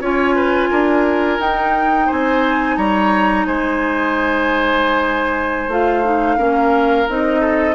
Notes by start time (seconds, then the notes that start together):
0.00 C#4 F4 C#5 G#5
0.35 B4
0.71 D4 A#4
1.39 D#4 G5
2.07 C4 C5 G#5
2.77 G3 C#5 A#5
3.46 G#3 C5 G#5
5.68 A3 F4 F5
6.04 D#4
6.38 A#3 C#4 A#4
7.09 C4 D#4 D#5
7.41 A4